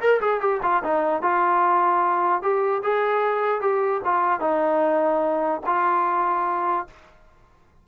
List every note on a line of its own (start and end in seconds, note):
0.00 0.20 A#4
0.21 0.40 G#4
0.40 0.60 G4
0.63 0.83 F4
0.84 1.22 D#4
1.22 2.42 F4
2.42 2.82 G4
2.83 3.61 G#4
3.61 4.01 G4
4.05 4.40 F4
4.40 5.61 D#4
5.66 6.87 F4